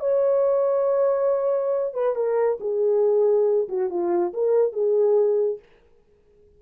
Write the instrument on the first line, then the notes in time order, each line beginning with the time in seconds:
horn
0.00 C#5
1.94 B4
2.16 A#4
2.61 G#4
3.69 F#4
3.90 F4
4.34 A#4
4.73 G#4